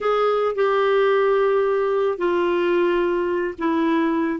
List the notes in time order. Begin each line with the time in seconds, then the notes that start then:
0.00 G#4
0.55 G4
2.18 F4
3.58 E4